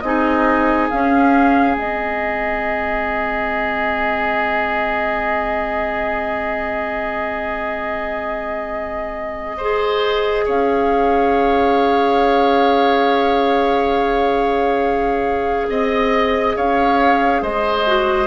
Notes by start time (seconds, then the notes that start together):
0.00 C4 D#4 G#4 D#5
0.90 C#4 F5
1.76 G#3 C4 D#5
9.57 G#4 C5
10.45 C#4 C#5 F5
15.69 C4 D#5
16.56 C#4 C#5 F5
17.41 G#3 C5 D#5
17.87 F#4